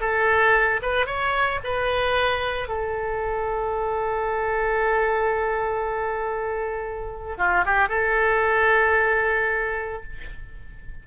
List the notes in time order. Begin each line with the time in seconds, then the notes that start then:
0.00 A4
0.82 B4
1.06 C#5
1.64 B4
2.68 A4
7.38 F4
7.65 G4
7.89 A4